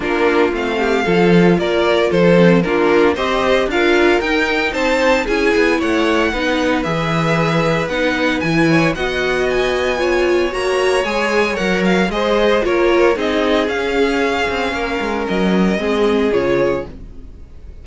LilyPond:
<<
  \new Staff \with { instrumentName = "violin" } { \time 4/4 \tempo 4 = 114 ais'4 f''2 d''4 | c''4 ais'4 dis''4 f''4 | g''4 a''4 gis''4 fis''4~ | fis''4 e''2 fis''4 |
gis''4 fis''4 gis''2 | ais''4 gis''4 fis''8 f''8 dis''4 | cis''4 dis''4 f''2~ | f''4 dis''2 cis''4 | }
  \new Staff \with { instrumentName = "violin" } { \time 4/4 f'4. g'8 a'4 ais'4 | a'4 f'4 c''4 ais'4~ | ais'4 c''4 gis'4 cis''4 | b'1~ |
b'8 cis''8 dis''2 cis''4~ | cis''2. c''4 | ais'4 gis'2. | ais'2 gis'2 | }
  \new Staff \with { instrumentName = "viola" } { \time 4/4 d'4 c'4 f'2~ | f'8 c'8 d'4 g'4 f'4 | dis'2 e'2 | dis'4 gis'2 dis'4 |
e'4 fis'2 f'4 | fis'4 gis'4 ais'4 gis'4 | f'4 dis'4 cis'2~ | cis'2 c'4 f'4 | }
  \new Staff \with { instrumentName = "cello" } { \time 4/4 ais4 a4 f4 ais4 | f4 ais4 c'4 d'4 | dis'4 c'4 cis'8 b8 a4 | b4 e2 b4 |
e4 b2. | ais4 gis4 fis4 gis4 | ais4 c'4 cis'4. c'8 | ais8 gis8 fis4 gis4 cis4 | }
>>